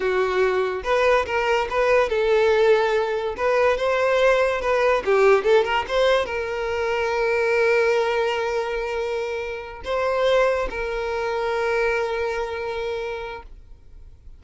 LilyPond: \new Staff \with { instrumentName = "violin" } { \time 4/4 \tempo 4 = 143 fis'2 b'4 ais'4 | b'4 a'2. | b'4 c''2 b'4 | g'4 a'8 ais'8 c''4 ais'4~ |
ais'1~ | ais'2.~ ais'8 c''8~ | c''4. ais'2~ ais'8~ | ais'1 | }